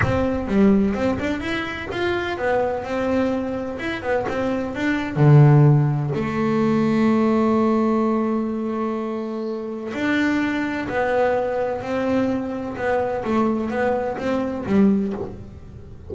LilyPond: \new Staff \with { instrumentName = "double bass" } { \time 4/4 \tempo 4 = 127 c'4 g4 c'8 d'8 e'4 | f'4 b4 c'2 | e'8 b8 c'4 d'4 d4~ | d4 a2.~ |
a1~ | a4 d'2 b4~ | b4 c'2 b4 | a4 b4 c'4 g4 | }